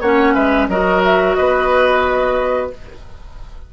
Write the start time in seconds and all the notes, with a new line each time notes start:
0.00 A#3 C#4 C#5 F#5
0.34 G#3 B4 E5
0.68 F#3 F#4 A#4 D#5
1.04 E5
1.35 B3 B4 D#5